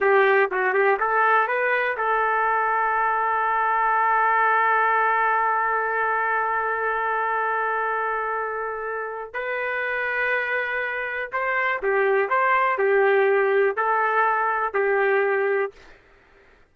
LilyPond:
\new Staff \with { instrumentName = "trumpet" } { \time 4/4 \tempo 4 = 122 g'4 fis'8 g'8 a'4 b'4 | a'1~ | a'1~ | a'1~ |
a'2. b'4~ | b'2. c''4 | g'4 c''4 g'2 | a'2 g'2 | }